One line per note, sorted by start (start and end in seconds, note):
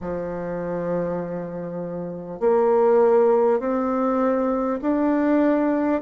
0.00 2.39 F3
2.39 3.59 A#3
3.59 4.79 C4
4.81 6.01 D4